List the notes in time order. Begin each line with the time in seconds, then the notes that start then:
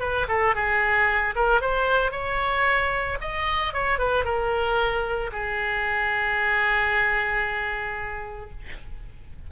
0.00 B4
0.28 A4
0.55 G#4
1.35 A#4
1.61 C5
2.12 C#5
3.21 D#5
3.73 C#5
3.98 B4
4.25 A#4
5.32 G#4